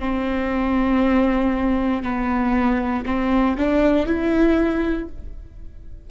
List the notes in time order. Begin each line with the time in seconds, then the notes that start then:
0.00 C4
2.03 B3
3.06 C4
3.58 D4
4.07 E4